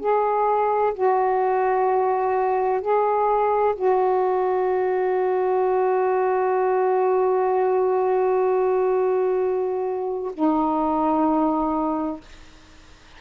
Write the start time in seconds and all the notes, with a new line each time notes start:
0.00 G#4
0.94 F#4
2.81 G#4
3.75 F#4
10.33 D#4